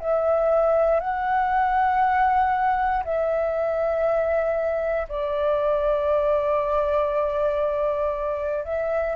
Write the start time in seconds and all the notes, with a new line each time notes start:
0.00 E5
1.00 F#5
3.05 E5
5.08 D5
8.65 E5